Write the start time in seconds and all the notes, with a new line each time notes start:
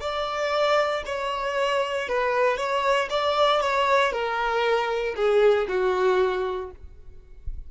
0.00 D5
1.05 C#5
2.08 B4
2.57 C#5
3.10 D5
3.61 C#5
4.12 A#4
5.15 G#4
5.68 F#4